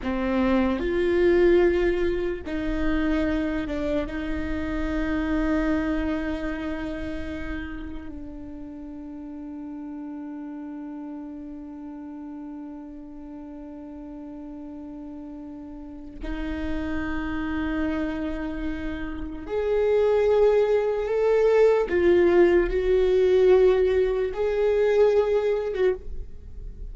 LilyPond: \new Staff \with { instrumentName = "viola" } { \time 4/4 \tempo 4 = 74 c'4 f'2 dis'4~ | dis'8 d'8 dis'2.~ | dis'2 d'2~ | d'1~ |
d'1 | dis'1 | gis'2 a'4 f'4 | fis'2 gis'4.~ gis'16 fis'16 | }